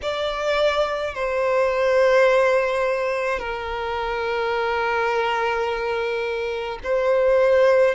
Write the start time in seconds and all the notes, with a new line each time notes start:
0.02 D5
1.14 C5
3.39 A#4
6.83 C5